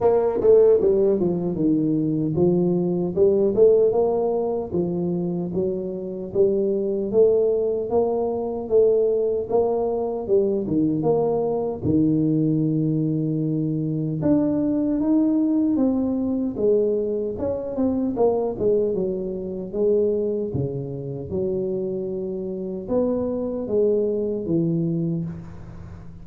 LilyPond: \new Staff \with { instrumentName = "tuba" } { \time 4/4 \tempo 4 = 76 ais8 a8 g8 f8 dis4 f4 | g8 a8 ais4 f4 fis4 | g4 a4 ais4 a4 | ais4 g8 dis8 ais4 dis4~ |
dis2 d'4 dis'4 | c'4 gis4 cis'8 c'8 ais8 gis8 | fis4 gis4 cis4 fis4~ | fis4 b4 gis4 e4 | }